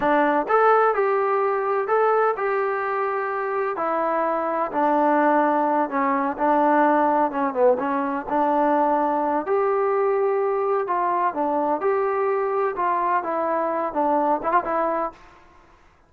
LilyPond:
\new Staff \with { instrumentName = "trombone" } { \time 4/4 \tempo 4 = 127 d'4 a'4 g'2 | a'4 g'2. | e'2 d'2~ | d'8 cis'4 d'2 cis'8 |
b8 cis'4 d'2~ d'8 | g'2. f'4 | d'4 g'2 f'4 | e'4. d'4 e'16 f'16 e'4 | }